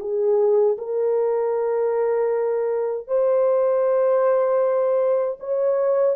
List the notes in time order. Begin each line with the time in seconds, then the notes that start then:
0.00 G#4
0.78 A#4
3.07 C5
5.40 C#5